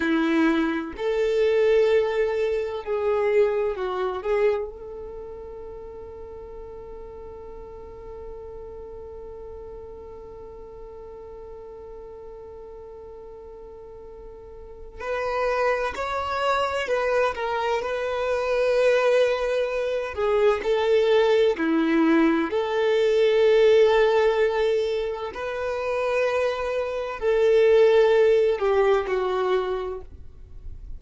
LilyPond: \new Staff \with { instrumentName = "violin" } { \time 4/4 \tempo 4 = 64 e'4 a'2 gis'4 | fis'8 gis'8 a'2.~ | a'1~ | a'1 |
b'4 cis''4 b'8 ais'8 b'4~ | b'4. gis'8 a'4 e'4 | a'2. b'4~ | b'4 a'4. g'8 fis'4 | }